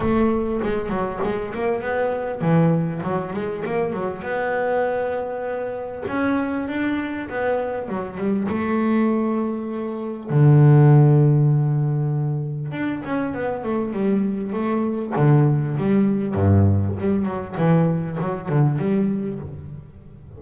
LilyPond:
\new Staff \with { instrumentName = "double bass" } { \time 4/4 \tempo 4 = 99 a4 gis8 fis8 gis8 ais8 b4 | e4 fis8 gis8 ais8 fis8 b4~ | b2 cis'4 d'4 | b4 fis8 g8 a2~ |
a4 d2.~ | d4 d'8 cis'8 b8 a8 g4 | a4 d4 g4 g,4 | g8 fis8 e4 fis8 d8 g4 | }